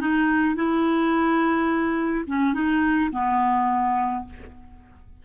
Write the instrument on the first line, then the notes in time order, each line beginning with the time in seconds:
clarinet
0.00 D#4
0.55 E4
2.27 C#4
2.53 D#4
3.12 B3